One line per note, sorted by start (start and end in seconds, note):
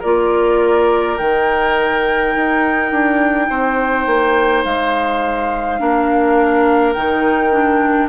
0.00 1.19 A#3
0.00 1.18 F4
0.00 3.46 A#4
0.00 1.18 D5
1.18 2.35 D#3
1.18 5.79 D#4
1.18 4.64 G5
2.36 2.92 D#4
2.92 3.49 D4
3.50 4.06 C4
3.50 5.80 C5
4.06 4.64 A#3
4.64 5.80 G#3
4.64 6.93 F5
5.79 6.95 A#3
5.79 6.95 D4
5.79 8.09 A#4
6.93 8.09 D#3
6.93 7.52 D#4
6.93 8.08 G5
7.52 8.09 D4